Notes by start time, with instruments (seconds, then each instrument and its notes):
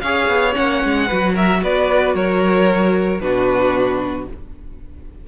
0.00 cello C#4, viola G#4, violin C#5 F5
0.28 cello B3
0.53 cello A#3, viola C#4, violin F#5
0.84 cello G#3
1.07 cello F#3, viola F#4, violin B4
1.33 violin A#4 E5
1.62 cello B3, violin B4 D5
2.14 cello F#3, violin A#4 C#5
3.20 cello B2, viola D4, violin F#4 B4